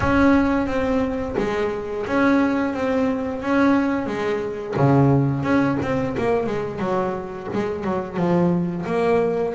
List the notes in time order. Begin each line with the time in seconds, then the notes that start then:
0.00 C#4
0.67 C4
1.37 G#3
2.06 C#4
2.73 C4
3.42 C#4
4.06 G#3
4.76 C#3
5.43 C#4
5.81 C4
6.17 A#3
6.46 G#3
6.79 F#3
7.53 G#3
7.84 F#3
8.16 F3
8.86 A#3